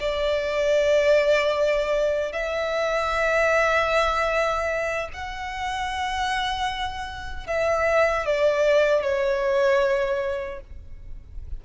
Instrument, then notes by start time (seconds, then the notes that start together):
violin
0.00 D5
2.33 E5
5.14 F#5
7.47 E5
8.26 D5
9.03 C#5